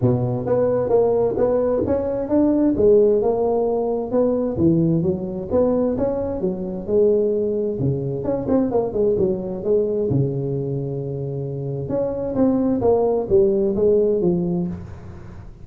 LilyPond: \new Staff \with { instrumentName = "tuba" } { \time 4/4 \tempo 4 = 131 b,4 b4 ais4 b4 | cis'4 d'4 gis4 ais4~ | ais4 b4 e4 fis4 | b4 cis'4 fis4 gis4~ |
gis4 cis4 cis'8 c'8 ais8 gis8 | fis4 gis4 cis2~ | cis2 cis'4 c'4 | ais4 g4 gis4 f4 | }